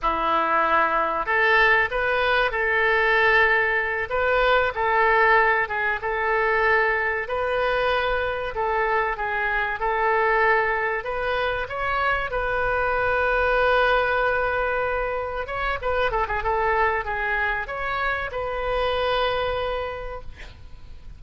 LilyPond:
\new Staff \with { instrumentName = "oboe" } { \time 4/4 \tempo 4 = 95 e'2 a'4 b'4 | a'2~ a'8 b'4 a'8~ | a'4 gis'8 a'2 b'8~ | b'4. a'4 gis'4 a'8~ |
a'4. b'4 cis''4 b'8~ | b'1~ | b'8 cis''8 b'8 a'16 gis'16 a'4 gis'4 | cis''4 b'2. | }